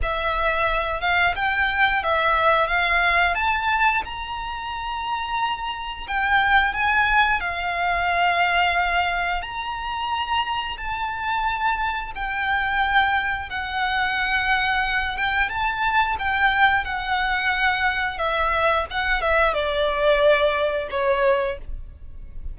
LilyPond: \new Staff \with { instrumentName = "violin" } { \time 4/4 \tempo 4 = 89 e''4. f''8 g''4 e''4 | f''4 a''4 ais''2~ | ais''4 g''4 gis''4 f''4~ | f''2 ais''2 |
a''2 g''2 | fis''2~ fis''8 g''8 a''4 | g''4 fis''2 e''4 | fis''8 e''8 d''2 cis''4 | }